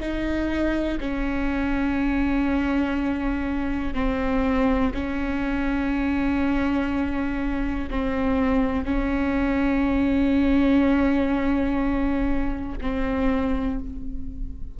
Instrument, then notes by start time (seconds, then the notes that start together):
viola
0.00 D#4
1.01 C#4
3.94 C4
4.94 C#4
7.90 C4
8.85 C#4
12.81 C4